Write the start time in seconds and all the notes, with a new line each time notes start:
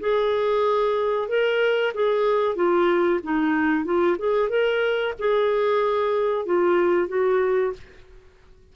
0.00 G#4
1.28 A#4
1.94 G#4
2.55 F4
3.23 D#4
3.84 F4
4.18 G#4
4.49 A#4
5.18 G#4
6.45 F4
7.08 F#4